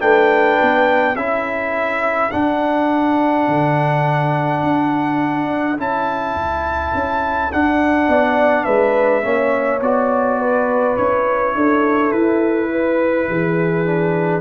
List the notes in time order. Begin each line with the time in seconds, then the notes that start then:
0.00 A3 D4 B4 G5
0.61 B3
1.15 C#4 E4 A4 E5
2.31 D4 F#5
3.47 D3
4.62 D4
5.77 C#4 E4 A5
6.35 C#2
6.94 C#4
7.52 D4 F#5
8.07 B3 D5
8.64 G#3 B4 E5
9.22 A#3 C#4 C#5
9.81 B3 F#4 D5
10.39 B4
10.97 C#4 E4 C#5
11.54 D4 A4
12.11 E4 B4
12.71 B4
13.28 E3 G#4
13.85 D4